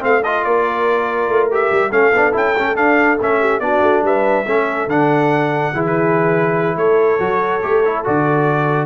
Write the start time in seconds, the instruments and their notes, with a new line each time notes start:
0.00 tuba A3, trombone C4, horn F5, trumpet F5
0.23 trombone F4, horn A4, trumpet D#5
0.44 tuba A#3, horn A#4, trumpet D5
1.28 tuba A3
1.51 trombone G4, trumpet E5
1.71 tuba G3
1.90 tuba A3, trombone C#4, horn A4, trumpet F5
2.13 tuba B3, trombone D4
2.32 tuba C#4, trombone E4, trumpet G5
2.58 tuba A3, trombone C#4
2.75 trombone D4, tuba D4, trumpet F5
3.20 tuba A3, trombone C#4, trumpet E5
3.40 horn G4
3.59 tuba B3, trombone D4, horn F#4, trumpet D5
3.82 tuba A3
4.02 tuba G3, horn B4, trumpet E5
4.46 tuba A3, trombone C#4, horn A4
4.87 tuba D3, trombone D4, trumpet F#5
5.73 tuba E3, trombone E4, horn G#4
5.85 trumpet B4
6.75 tuba A3, horn A4, trumpet C#5
7.19 tuba F#3, trombone F#4
7.62 tuba A3, trombone G4
7.85 trombone E4
8.04 tuba D3, trombone F#4, trumpet D5